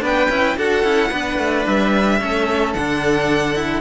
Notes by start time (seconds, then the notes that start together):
0.00 B3 D4 B4 G5
0.29 C#4 E4
0.56 D4 F#4 A4 F#5
0.84 C#4 E4
1.09 B3 D4 B4
1.38 A3
1.66 G3 E5
2.20 A3 C#4 A4
2.73 D3 D4 F#5
3.55 E4